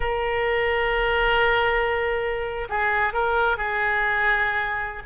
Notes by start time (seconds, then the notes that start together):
0.00 A#4
2.69 G#4
3.13 A#4
3.57 G#4